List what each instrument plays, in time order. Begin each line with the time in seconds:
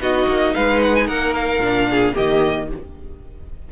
0.00 cello B3, viola D#4, violin F#4 D#5
0.27 cello A#3
0.54 cello G#3, violin B4 F5
0.82 violin F#5
0.96 violin G#5
1.07 cello A#3, violin A#4 F#5
1.35 violin F5
1.59 cello A#2, viola D4
1.90 violin G#4
2.15 cello D#3, viola A#3, violin G4 D#5